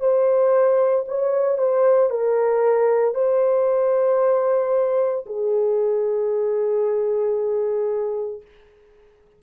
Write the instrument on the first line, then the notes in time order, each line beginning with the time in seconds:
horn
0.00 C5
1.08 C#5
1.58 C5
2.10 A#4
3.14 C5
5.26 G#4